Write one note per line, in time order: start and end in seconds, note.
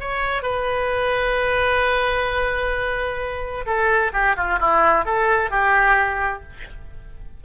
0.00 0.42 C#5
0.42 3.65 B4
3.66 4.12 A4
4.13 4.36 G4
4.36 4.59 F4
4.60 5.05 E4
5.05 5.50 A4
5.50 6.43 G4